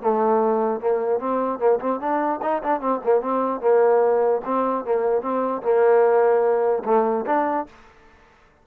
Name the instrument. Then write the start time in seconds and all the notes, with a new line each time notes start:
trombone
0.00 A3
0.80 A#3
1.19 C4
1.59 A#3
1.79 C4
2.00 D4
2.42 D#4
2.63 D4
2.80 C4
3.04 A#3
3.21 C4
3.61 A#3
4.44 C4
4.85 A#3
5.21 C4
5.62 A#3
6.85 A3
7.26 D4